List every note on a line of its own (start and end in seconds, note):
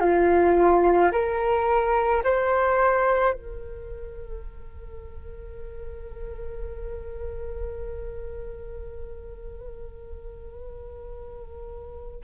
0.00 1.11 F4
1.12 2.23 A#4
2.23 3.33 C5
3.33 12.22 A#4